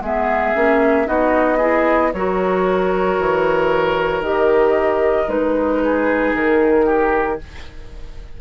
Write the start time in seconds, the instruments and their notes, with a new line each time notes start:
0.00 bassoon G#3, clarinet B3, oboe G#4, flute E5
0.55 bassoon A#3, clarinet C#4
1.05 bassoon B3, clarinet D#4, oboe F#4, flute D#5
1.57 clarinet E4, oboe G#4
2.13 bassoon F#3, clarinet F#4, oboe A#4, flute C#5
3.19 bassoon E3
4.21 bassoon D#3, clarinet G4, flute D#5
5.28 bassoon G#3, clarinet D#4, flute B4
5.83 oboe G#4
6.34 bassoon D#3, flute A#4
6.85 oboe G4